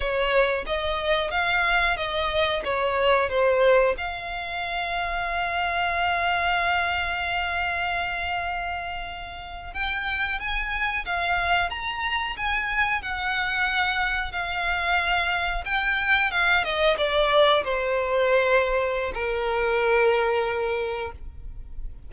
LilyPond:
\new Staff \with { instrumentName = "violin" } { \time 4/4 \tempo 4 = 91 cis''4 dis''4 f''4 dis''4 | cis''4 c''4 f''2~ | f''1~ | f''2~ f''8. g''4 gis''16~ |
gis''8. f''4 ais''4 gis''4 fis''16~ | fis''4.~ fis''16 f''2 g''16~ | g''8. f''8 dis''8 d''4 c''4~ c''16~ | c''4 ais'2. | }